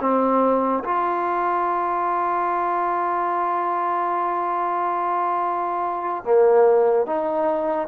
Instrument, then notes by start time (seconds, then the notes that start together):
trombone
0.00 C4
0.84 F4
6.24 A#3
7.06 D#4